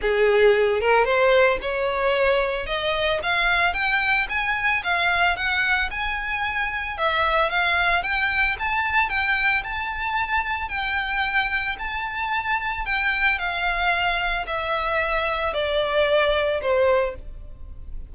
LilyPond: \new Staff \with { instrumentName = "violin" } { \time 4/4 \tempo 4 = 112 gis'4. ais'8 c''4 cis''4~ | cis''4 dis''4 f''4 g''4 | gis''4 f''4 fis''4 gis''4~ | gis''4 e''4 f''4 g''4 |
a''4 g''4 a''2 | g''2 a''2 | g''4 f''2 e''4~ | e''4 d''2 c''4 | }